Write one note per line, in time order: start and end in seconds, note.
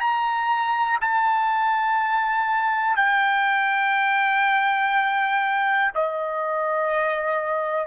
0.00 0.98 A#5
1.01 2.96 A5
2.96 5.91 G5
5.94 7.87 D#5